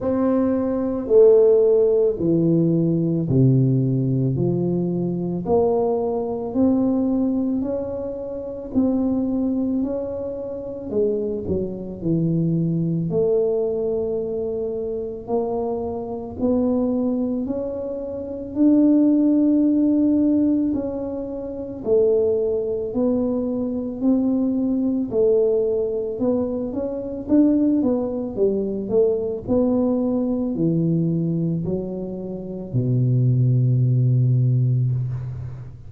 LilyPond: \new Staff \with { instrumentName = "tuba" } { \time 4/4 \tempo 4 = 55 c'4 a4 e4 c4 | f4 ais4 c'4 cis'4 | c'4 cis'4 gis8 fis8 e4 | a2 ais4 b4 |
cis'4 d'2 cis'4 | a4 b4 c'4 a4 | b8 cis'8 d'8 b8 g8 a8 b4 | e4 fis4 b,2 | }